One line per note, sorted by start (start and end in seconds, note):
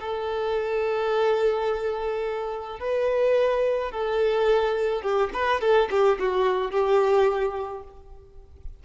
0.00 2.80 A4
2.80 3.92 B4
3.92 5.02 A4
5.02 5.30 G4
5.33 5.61 B4
5.61 5.89 A4
5.91 6.19 G4
6.20 6.71 F#4
6.71 7.84 G4